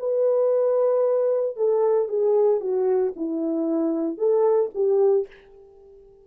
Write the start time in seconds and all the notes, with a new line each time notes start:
0.00 B4
1.57 A4
2.09 G#4
2.61 F#4
3.17 E4
4.18 A4
4.75 G4